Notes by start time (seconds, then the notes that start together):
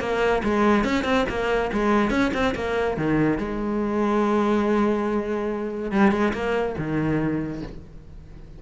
0.00 A#3
0.44 G#3
0.84 C#4
1.04 C4
1.29 A#3
1.73 G#3
2.10 C#4
2.34 C4
2.55 A#3
2.97 D#3
3.38 G#3
5.92 G3
6.12 G#3
6.33 A#3
6.78 D#3